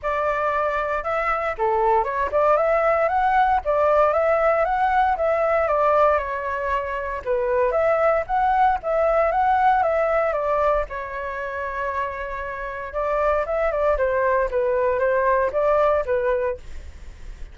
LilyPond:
\new Staff \with { instrumentName = "flute" } { \time 4/4 \tempo 4 = 116 d''2 e''4 a'4 | cis''8 d''8 e''4 fis''4 d''4 | e''4 fis''4 e''4 d''4 | cis''2 b'4 e''4 |
fis''4 e''4 fis''4 e''4 | d''4 cis''2.~ | cis''4 d''4 e''8 d''8 c''4 | b'4 c''4 d''4 b'4 | }